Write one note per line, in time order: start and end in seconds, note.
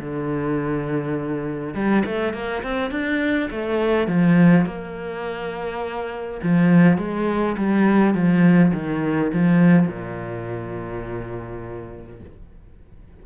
0.00 1.74 D3
1.74 2.04 G3
2.06 2.34 A3
2.34 2.63 A#3
2.63 2.92 C4
2.92 3.50 D4
3.51 4.08 A3
4.08 4.66 F3
4.66 6.41 A#3
6.43 6.98 F3
6.98 7.56 G#3
7.58 8.14 G3
8.14 8.73 F3
8.74 9.32 D#3
9.33 9.88 F3
9.88 12.21 A#2